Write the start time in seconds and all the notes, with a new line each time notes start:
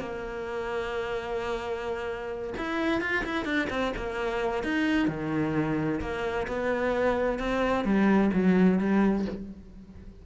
0.00 A#3
2.57 E4
3.01 F4
3.25 E4
3.45 D4
3.70 C4
3.97 A#3
4.63 D#4
5.08 D#3
6.01 A#3
6.47 B3
7.39 C4
7.84 G3
8.33 F#3
8.79 G3